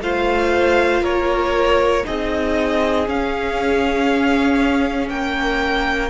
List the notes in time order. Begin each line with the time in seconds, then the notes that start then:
0.00 A3 F4 C5 F5
1.02 A#3 A#4 C#5
2.05 C4 D#4 G#4 D#5
3.07 C#4 F5
5.10 A#3 A#4 G5